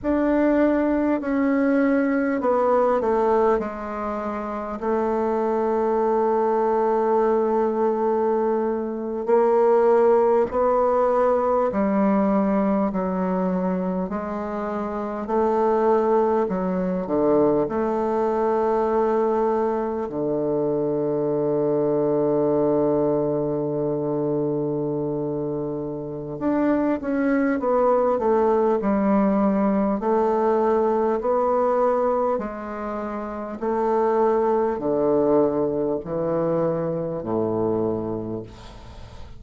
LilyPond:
\new Staff \with { instrumentName = "bassoon" } { \time 4/4 \tempo 4 = 50 d'4 cis'4 b8 a8 gis4 | a2.~ a8. ais16~ | ais8. b4 g4 fis4 gis16~ | gis8. a4 fis8 d8 a4~ a16~ |
a8. d2.~ d16~ | d2 d'8 cis'8 b8 a8 | g4 a4 b4 gis4 | a4 d4 e4 a,4 | }